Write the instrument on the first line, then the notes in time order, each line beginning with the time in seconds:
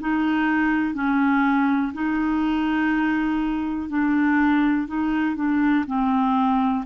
clarinet
0.00 D#4
0.94 C#4
1.93 D#4
3.89 D4
4.87 D#4
5.36 D4
5.87 C4